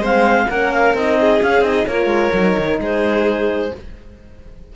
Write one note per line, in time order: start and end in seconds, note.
0.00 0.46 G#3
0.00 0.48 C4
0.00 0.47 C5
0.00 0.50 F5
0.50 0.94 A#3
0.50 0.96 C#4
0.50 1.19 A#4
0.50 0.72 F#5
0.72 0.96 F5
0.94 1.40 C4
0.94 1.42 D#4
0.94 1.43 D#5
1.20 1.88 G#4
1.42 1.64 C#4
1.42 1.61 C#4
1.42 1.63 F5
1.61 1.84 C4
1.61 1.87 D#4
1.61 1.87 D#5
1.87 2.06 A#3
1.87 2.34 F4
1.87 2.80 A#4
1.87 2.79 C#5
2.06 2.29 G#3
2.33 2.57 F#3
2.33 3.72 D#4
2.58 2.79 D#3
2.79 3.72 G#3
2.79 3.74 G#4
2.79 3.76 C5